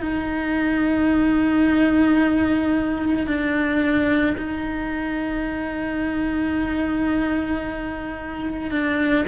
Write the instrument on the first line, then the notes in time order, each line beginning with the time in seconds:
cello
0.00 D#4
3.27 D4
4.37 D#4
8.71 D4